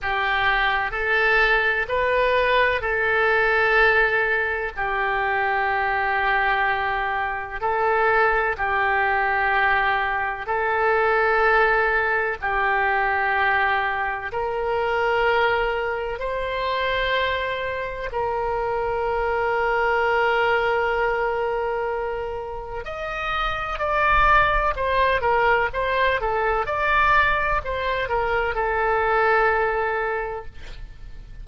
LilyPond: \new Staff \with { instrumentName = "oboe" } { \time 4/4 \tempo 4 = 63 g'4 a'4 b'4 a'4~ | a'4 g'2. | a'4 g'2 a'4~ | a'4 g'2 ais'4~ |
ais'4 c''2 ais'4~ | ais'1 | dis''4 d''4 c''8 ais'8 c''8 a'8 | d''4 c''8 ais'8 a'2 | }